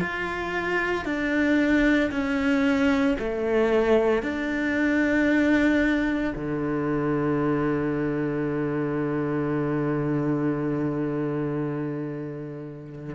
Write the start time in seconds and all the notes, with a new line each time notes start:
0.00 F4
1.05 D4
2.11 C#4
3.19 A3
4.22 D4
6.35 D3